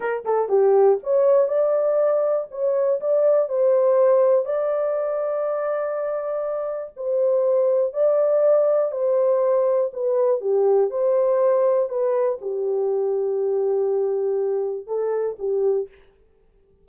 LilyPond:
\new Staff \with { instrumentName = "horn" } { \time 4/4 \tempo 4 = 121 ais'8 a'8 g'4 cis''4 d''4~ | d''4 cis''4 d''4 c''4~ | c''4 d''2.~ | d''2 c''2 |
d''2 c''2 | b'4 g'4 c''2 | b'4 g'2.~ | g'2 a'4 g'4 | }